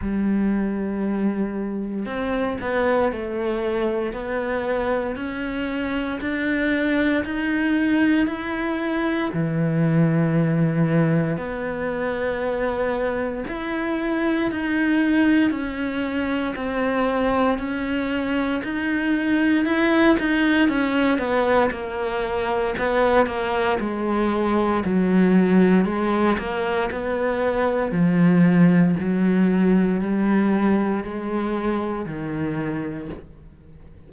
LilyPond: \new Staff \with { instrumentName = "cello" } { \time 4/4 \tempo 4 = 58 g2 c'8 b8 a4 | b4 cis'4 d'4 dis'4 | e'4 e2 b4~ | b4 e'4 dis'4 cis'4 |
c'4 cis'4 dis'4 e'8 dis'8 | cis'8 b8 ais4 b8 ais8 gis4 | fis4 gis8 ais8 b4 f4 | fis4 g4 gis4 dis4 | }